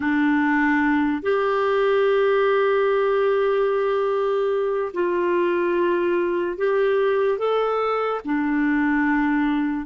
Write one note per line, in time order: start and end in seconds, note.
0.00 1.22 D4
1.22 4.92 G4
4.93 6.58 F4
6.58 7.38 G4
7.38 8.20 A4
8.25 9.86 D4